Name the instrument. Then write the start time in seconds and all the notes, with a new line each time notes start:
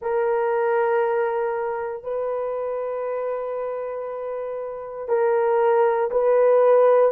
horn
0.01 A#4
2.03 B4
5.08 A#4
6.10 B4